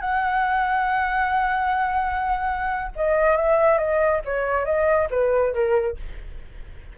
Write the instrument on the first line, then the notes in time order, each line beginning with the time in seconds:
flute
0.00 F#5
2.95 D#5
3.36 E5
3.78 D#5
4.24 C#5
4.65 D#5
5.10 B4
5.53 A#4